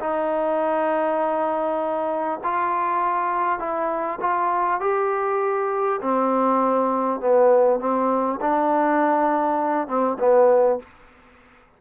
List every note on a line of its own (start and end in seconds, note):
0.00 2.40 D#4
2.44 3.59 F4
3.59 4.19 E4
4.21 4.81 F4
4.81 6.01 G4
6.02 7.21 C4
7.21 7.80 B3
7.80 8.40 C4
8.41 9.88 D4
9.88 10.18 C4
10.19 10.79 B3